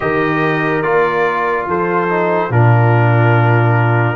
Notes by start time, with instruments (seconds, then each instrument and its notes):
0.00 tuba D#3, trombone G4, horn A#4, trumpet D#5
0.82 tuba A#3, trombone F4, trumpet D5
1.66 tuba F3, horn A4, trumpet C5
2.09 trombone D#4
2.49 tuba A#2, trombone D4, horn F4, trumpet A#4